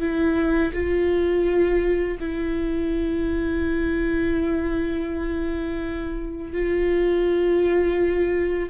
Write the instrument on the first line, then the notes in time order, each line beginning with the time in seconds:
viola
0.00 E4
0.73 F4
2.19 E4
6.52 F4